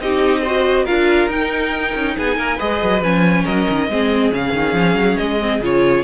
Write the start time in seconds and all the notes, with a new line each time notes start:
0.00 C4 D#4 G4 D#5
0.43 F#4 C5
0.84 D4 F4 A#4 F5
1.28 D#4 G5
1.95 C#4
2.17 B3 G#4 G#5
2.37 A#3 A#4
2.57 G#3 G#4 B4 D#5
2.83 F#3
3.02 F3 C#4 G#5
3.45 F#3 A#4 D#5
3.70 D#3
3.89 G#3 C4 G#4
4.32 C#3 C#4 F5
4.54 D#3
4.74 F3
4.95 F#3
5.18 G#3 D#5
5.40 C4
5.61 C#3 F4 C#5